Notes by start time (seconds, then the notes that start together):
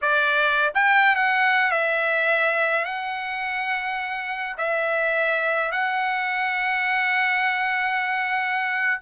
0.01 D5
0.74 G5
1.15 F#5
1.71 E5
2.84 F#5
4.57 E5
5.71 F#5